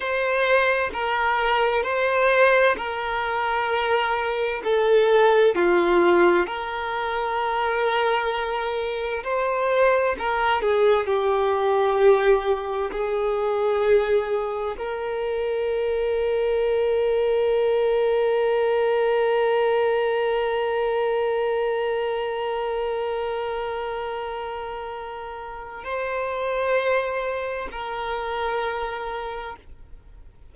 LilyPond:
\new Staff \with { instrumentName = "violin" } { \time 4/4 \tempo 4 = 65 c''4 ais'4 c''4 ais'4~ | ais'4 a'4 f'4 ais'4~ | ais'2 c''4 ais'8 gis'8 | g'2 gis'2 |
ais'1~ | ais'1~ | ais'1 | c''2 ais'2 | }